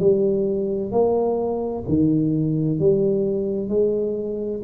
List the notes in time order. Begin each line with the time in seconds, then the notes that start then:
0.00 G3
0.92 A#3
1.88 D#3
2.80 G3
3.69 G#3